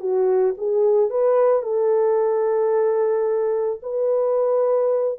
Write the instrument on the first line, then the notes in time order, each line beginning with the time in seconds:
horn
0.00 F#4
0.58 G#4
1.10 B4
1.62 A4
3.83 B4